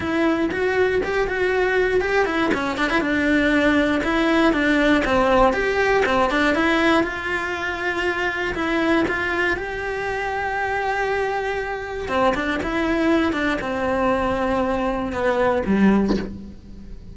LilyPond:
\new Staff \with { instrumentName = "cello" } { \time 4/4 \tempo 4 = 119 e'4 fis'4 g'8 fis'4. | g'8 e'8 cis'8 d'16 e'16 d'2 | e'4 d'4 c'4 g'4 | c'8 d'8 e'4 f'2~ |
f'4 e'4 f'4 g'4~ | g'1 | c'8 d'8 e'4. d'8 c'4~ | c'2 b4 g4 | }